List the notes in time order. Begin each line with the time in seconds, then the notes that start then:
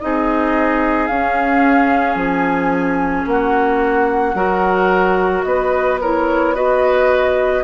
0.00 C4 D#4 G#4 D#5
1.07 C#4 F5
2.16 F3 G#5
3.26 A#3 F#4 F#5
4.35 F#3 F#4 A#4
5.44 B3 B4 D#5
6.01 E4 A#4 C#5
6.55 F#4 B4 D#5